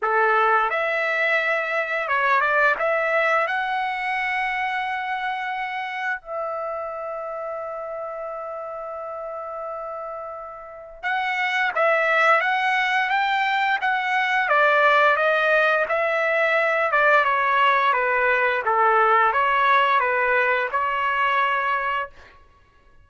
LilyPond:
\new Staff \with { instrumentName = "trumpet" } { \time 4/4 \tempo 4 = 87 a'4 e''2 cis''8 d''8 | e''4 fis''2.~ | fis''4 e''2.~ | e''1 |
fis''4 e''4 fis''4 g''4 | fis''4 d''4 dis''4 e''4~ | e''8 d''8 cis''4 b'4 a'4 | cis''4 b'4 cis''2 | }